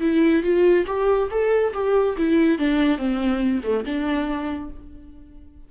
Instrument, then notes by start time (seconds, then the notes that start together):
viola
0.00 E4
0.42 F4
0.86 G4
1.30 A4
1.74 G4
2.17 E4
2.58 D4
2.98 C4
3.63 A3
3.85 D4